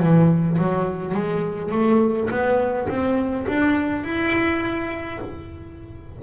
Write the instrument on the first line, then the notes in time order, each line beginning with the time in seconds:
double bass
0.00 E3
0.58 F#3
1.14 G#3
1.72 A3
2.31 B3
2.88 C4
3.48 D4
4.04 E4